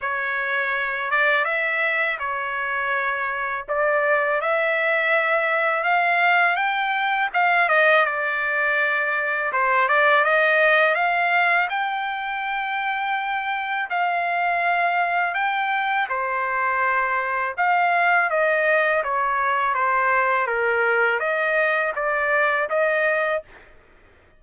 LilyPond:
\new Staff \with { instrumentName = "trumpet" } { \time 4/4 \tempo 4 = 82 cis''4. d''8 e''4 cis''4~ | cis''4 d''4 e''2 | f''4 g''4 f''8 dis''8 d''4~ | d''4 c''8 d''8 dis''4 f''4 |
g''2. f''4~ | f''4 g''4 c''2 | f''4 dis''4 cis''4 c''4 | ais'4 dis''4 d''4 dis''4 | }